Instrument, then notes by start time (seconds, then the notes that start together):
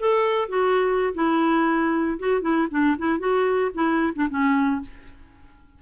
clarinet
0.00 A4
0.49 F#4
1.15 E4
2.19 F#4
2.42 E4
2.71 D4
2.98 E4
3.19 F#4
3.74 E4
4.16 D4
4.30 C#4